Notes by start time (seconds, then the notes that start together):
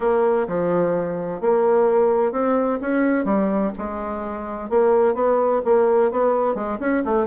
0.00 A#3
0.47 F3
1.40 A#3
2.32 C4
2.81 C#4
3.25 G3
3.77 G#3
4.69 A#3
5.14 B3
5.64 A#3
6.11 B3
6.55 G#3
6.79 C#4
7.04 A3